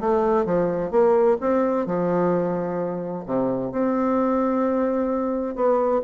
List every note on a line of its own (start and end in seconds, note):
0.00 0.45 A3
0.45 0.91 F3
0.91 1.37 A#3
1.41 1.86 C4
1.86 3.25 F3
3.26 3.72 C3
3.72 5.55 C4
5.55 6.01 B3